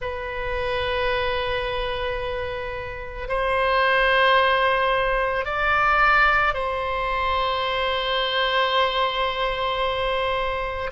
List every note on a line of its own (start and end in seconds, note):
0.01 3.28 B4
3.28 5.45 C5
5.45 6.54 D5
6.54 10.90 C5